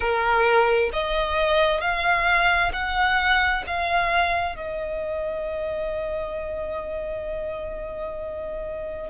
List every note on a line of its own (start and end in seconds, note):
0.00 0.90 A#4
0.93 1.81 D#5
1.81 2.71 F5
2.73 3.64 F#5
3.67 4.55 F5
4.55 9.09 D#5